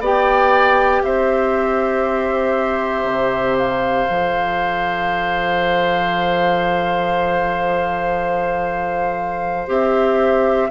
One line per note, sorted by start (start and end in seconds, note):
0.00 1.02 B3
0.00 4.09 G4
0.00 1.02 D5
0.00 1.03 G5
1.03 3.04 C4
1.03 10.70 C5
1.03 3.58 E5
3.04 4.06 C3
3.58 9.68 F5
4.09 9.68 F3
4.09 9.67 A4
9.67 10.70 C4
9.67 10.69 G4
9.67 10.71 E5